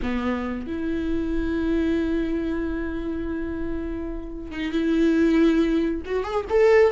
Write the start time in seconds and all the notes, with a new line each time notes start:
0.02 B3
0.66 E4
4.51 D#4
4.72 E4
6.05 F#4
6.23 G#4
6.49 A4